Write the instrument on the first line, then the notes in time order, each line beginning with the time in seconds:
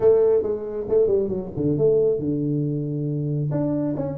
tuba
0.00 A3
0.42 G#3
0.88 A3
1.07 G3
1.28 F#3
1.56 D3
1.77 A3
2.19 D3
3.51 D4
3.96 C#4